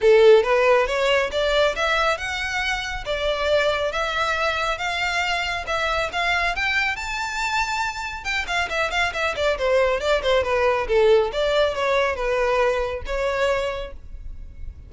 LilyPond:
\new Staff \with { instrumentName = "violin" } { \time 4/4 \tempo 4 = 138 a'4 b'4 cis''4 d''4 | e''4 fis''2 d''4~ | d''4 e''2 f''4~ | f''4 e''4 f''4 g''4 |
a''2. g''8 f''8 | e''8 f''8 e''8 d''8 c''4 d''8 c''8 | b'4 a'4 d''4 cis''4 | b'2 cis''2 | }